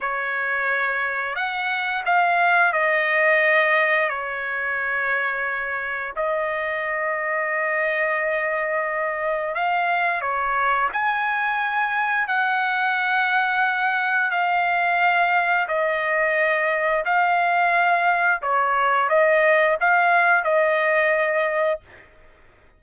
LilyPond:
\new Staff \with { instrumentName = "trumpet" } { \time 4/4 \tempo 4 = 88 cis''2 fis''4 f''4 | dis''2 cis''2~ | cis''4 dis''2.~ | dis''2 f''4 cis''4 |
gis''2 fis''2~ | fis''4 f''2 dis''4~ | dis''4 f''2 cis''4 | dis''4 f''4 dis''2 | }